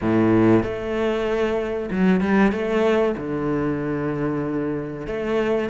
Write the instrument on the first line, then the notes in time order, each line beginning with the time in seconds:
cello
0.01 A2
0.63 A3
1.90 F#3
2.20 G3
2.51 A3
3.17 D3
5.07 A3